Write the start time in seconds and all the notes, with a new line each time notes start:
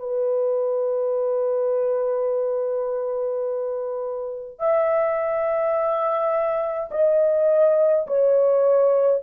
0.00 B4
4.59 E5
6.91 D#5
8.07 C#5